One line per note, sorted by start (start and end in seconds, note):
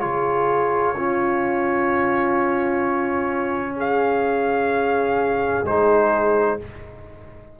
0.00 5.64 C#3
0.00 0.95 F4
0.00 0.96 G#4
0.00 3.75 C#5
0.96 5.65 C#4
0.96 3.76 F4
3.76 6.57 G#4
3.76 5.66 F5
5.64 6.57 G#3
5.64 6.60 D#4
5.64 6.59 C5